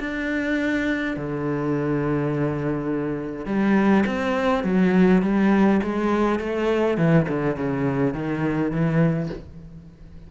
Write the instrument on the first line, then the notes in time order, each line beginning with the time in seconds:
cello
0.00 D4
1.17 D3
3.46 G3
4.06 C4
4.64 F#3
5.22 G3
5.83 G#3
6.39 A3
6.97 E3
7.28 D3
7.56 C#3
8.14 D#3
8.71 E3